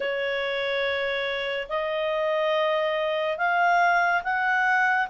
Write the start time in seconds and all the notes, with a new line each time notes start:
0.00 C#5
1.68 D#5
3.37 F5
4.23 F#5